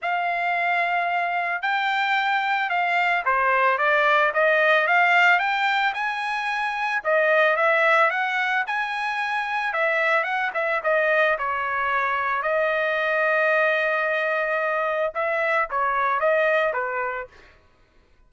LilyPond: \new Staff \with { instrumentName = "trumpet" } { \time 4/4 \tempo 4 = 111 f''2. g''4~ | g''4 f''4 c''4 d''4 | dis''4 f''4 g''4 gis''4~ | gis''4 dis''4 e''4 fis''4 |
gis''2 e''4 fis''8 e''8 | dis''4 cis''2 dis''4~ | dis''1 | e''4 cis''4 dis''4 b'4 | }